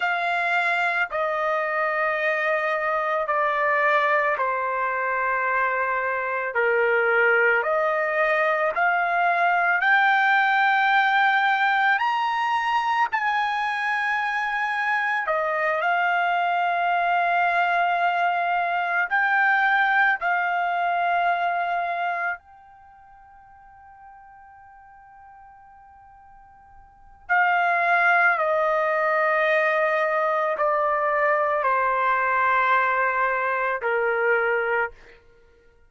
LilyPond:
\new Staff \with { instrumentName = "trumpet" } { \time 4/4 \tempo 4 = 55 f''4 dis''2 d''4 | c''2 ais'4 dis''4 | f''4 g''2 ais''4 | gis''2 dis''8 f''4.~ |
f''4. g''4 f''4.~ | f''8 g''2.~ g''8~ | g''4 f''4 dis''2 | d''4 c''2 ais'4 | }